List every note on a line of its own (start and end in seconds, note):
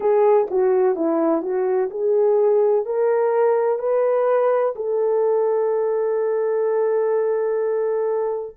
0.00 0.47 G#4
0.50 0.95 F#4
0.95 1.42 E4
1.42 1.89 F#4
1.90 2.85 G#4
2.85 3.78 A#4
3.78 4.74 B4
4.75 8.56 A4